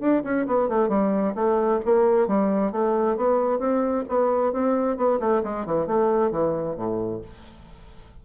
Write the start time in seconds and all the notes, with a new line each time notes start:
0.00 D4
0.24 C#4
0.47 B3
0.69 A3
0.89 G3
1.35 A3
1.86 A#3
2.28 G3
2.72 A3
3.17 B3
3.60 C4
4.09 B3
4.53 C4
4.97 B3
5.20 A3
5.44 G#3
5.66 E3
5.87 A3
6.31 E3
6.77 A2